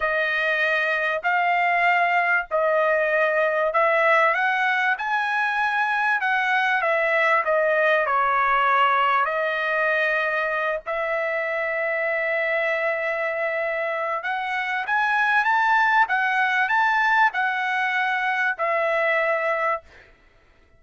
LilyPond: \new Staff \with { instrumentName = "trumpet" } { \time 4/4 \tempo 4 = 97 dis''2 f''2 | dis''2 e''4 fis''4 | gis''2 fis''4 e''4 | dis''4 cis''2 dis''4~ |
dis''4. e''2~ e''8~ | e''2. fis''4 | gis''4 a''4 fis''4 a''4 | fis''2 e''2 | }